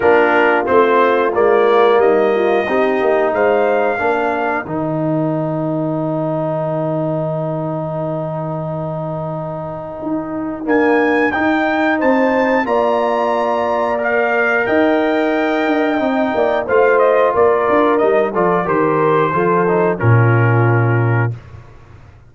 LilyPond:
<<
  \new Staff \with { instrumentName = "trumpet" } { \time 4/4 \tempo 4 = 90 ais'4 c''4 d''4 dis''4~ | dis''4 f''2 g''4~ | g''1~ | g''1 |
gis''4 g''4 a''4 ais''4~ | ais''4 f''4 g''2~ | g''4 f''8 dis''8 d''4 dis''8 d''8 | c''2 ais'2 | }
  \new Staff \with { instrumentName = "horn" } { \time 4/4 f'2. dis'8 f'8 | g'4 c''4 ais'2~ | ais'1~ | ais'1~ |
ais'2 c''4 d''4~ | d''2 dis''2~ | dis''8 d''8 c''4 ais'4. a'8 | ais'4 a'4 f'2 | }
  \new Staff \with { instrumentName = "trombone" } { \time 4/4 d'4 c'4 ais2 | dis'2 d'4 dis'4~ | dis'1~ | dis'1 |
ais4 dis'2 f'4~ | f'4 ais'2. | dis'4 f'2 dis'8 f'8 | g'4 f'8 dis'8 cis'2 | }
  \new Staff \with { instrumentName = "tuba" } { \time 4/4 ais4 a4 gis4 g4 | c'8 ais8 gis4 ais4 dis4~ | dis1~ | dis2. dis'4 |
d'4 dis'4 c'4 ais4~ | ais2 dis'4. d'8 | c'8 ais8 a4 ais8 d'8 g8 f8 | dis4 f4 ais,2 | }
>>